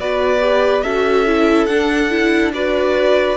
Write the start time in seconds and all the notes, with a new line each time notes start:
0.00 B3 F#4 B4 D5
0.41 G4
0.83 C#4 F#4 A4 E5
1.27 E4
1.67 D4 F#5
2.11 E4
2.54 F#4 B4 D5